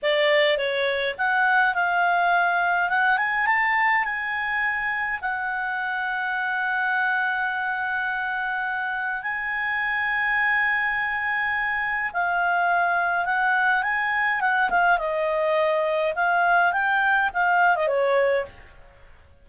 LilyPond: \new Staff \with { instrumentName = "clarinet" } { \time 4/4 \tempo 4 = 104 d''4 cis''4 fis''4 f''4~ | f''4 fis''8 gis''8 a''4 gis''4~ | gis''4 fis''2.~ | fis''1 |
gis''1~ | gis''4 f''2 fis''4 | gis''4 fis''8 f''8 dis''2 | f''4 g''4 f''8. dis''16 cis''4 | }